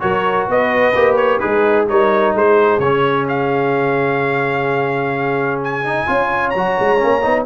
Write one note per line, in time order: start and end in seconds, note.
0.00 0.48 F#3
0.00 0.93 F#4
0.00 0.48 A#4
0.00 0.47 C#5
0.48 0.94 B3
0.48 1.41 B4
0.48 1.16 D#5
0.95 1.41 A#3
0.95 1.41 G4
1.16 1.39 C#5
1.40 1.89 G#3
1.40 1.87 D#4
1.40 1.87 G#4
1.40 1.86 B4
1.88 2.34 G3
1.88 2.81 D#4
1.88 2.36 A#4
1.88 2.35 C#5
2.34 2.78 G#3
2.34 6.08 G#4
2.34 2.80 C5
2.78 6.04 C#3
2.78 5.84 C#4
2.78 3.26 C#5
3.28 5.61 F5
5.64 6.50 G#5
5.84 6.07 D#4
6.07 6.54 C#4
6.07 6.53 F4
6.07 7.46 C#5
6.50 6.78 F#3
6.50 7.43 A#5
6.56 6.98 F#4
6.79 7.03 G#3
6.98 7.25 A#3
6.98 7.21 C#4
7.22 7.46 B3
7.22 7.45 D#4